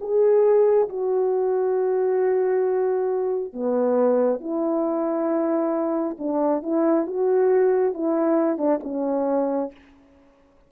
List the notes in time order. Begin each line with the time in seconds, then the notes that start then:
0.00 G#4
0.89 F#4
3.53 B3
4.40 E4
6.18 D4
6.62 E4
7.06 F#4
7.93 E4
8.57 D4
8.83 C#4